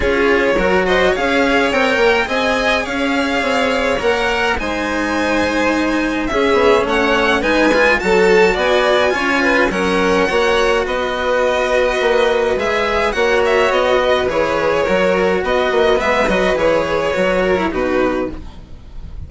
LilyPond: <<
  \new Staff \with { instrumentName = "violin" } { \time 4/4 \tempo 4 = 105 cis''4. dis''8 f''4 g''4 | gis''4 f''2 fis''4 | gis''2. e''4 | fis''4 gis''4 a''4 gis''4~ |
gis''4 fis''2 dis''4~ | dis''2 e''4 fis''8 e''8 | dis''4 cis''2 dis''4 | e''8 dis''8 cis''2 b'4 | }
  \new Staff \with { instrumentName = "violin" } { \time 4/4 gis'4 ais'8 c''8 cis''2 | dis''4 cis''2. | c''2. gis'4 | cis''4 b'4 a'4 d''4 |
cis''8 b'8 ais'4 cis''4 b'4~ | b'2. cis''4~ | cis''8 b'4. ais'4 b'4~ | b'2~ b'8 ais'8 fis'4 | }
  \new Staff \with { instrumentName = "cello" } { \time 4/4 f'4 fis'4 gis'4 ais'4 | gis'2. ais'4 | dis'2. cis'4~ | cis'4 dis'8 f'8 fis'2 |
f'4 cis'4 fis'2~ | fis'2 gis'4 fis'4~ | fis'4 gis'4 fis'2 | b8 fis'8 gis'4 fis'8. e'16 dis'4 | }
  \new Staff \with { instrumentName = "bassoon" } { \time 4/4 cis'4 fis4 cis'4 c'8 ais8 | c'4 cis'4 c'4 ais4 | gis2. cis'8 b8 | a4 gis4 fis4 b4 |
cis'4 fis4 ais4 b4~ | b4 ais4 gis4 ais4 | b4 e4 fis4 b8 ais8 | gis8 fis8 e4 fis4 b,4 | }
>>